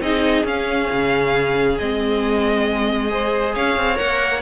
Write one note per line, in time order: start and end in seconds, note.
0.00 0.44 C4
0.00 0.45 D#4
0.00 3.10 G#4
0.00 0.45 D#5
0.44 0.88 C#4
0.44 1.79 C#4
0.44 1.78 F5
0.91 1.79 C#3
1.78 3.55 G#3
1.78 3.09 C4
1.78 3.54 D#5
3.09 3.95 G#4
3.09 3.55 C5
3.55 3.76 C#4
3.55 4.41 C#5
3.55 3.97 F5
3.76 3.98 C4
3.95 4.41 A#3
3.95 4.39 A#4
3.95 4.41 F#5